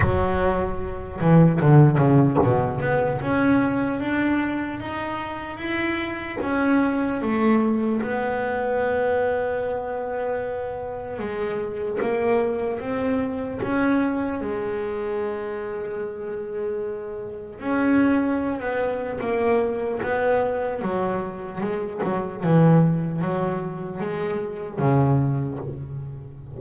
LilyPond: \new Staff \with { instrumentName = "double bass" } { \time 4/4 \tempo 4 = 75 fis4. e8 d8 cis8 b,8 b8 | cis'4 d'4 dis'4 e'4 | cis'4 a4 b2~ | b2 gis4 ais4 |
c'4 cis'4 gis2~ | gis2 cis'4~ cis'16 b8. | ais4 b4 fis4 gis8 fis8 | e4 fis4 gis4 cis4 | }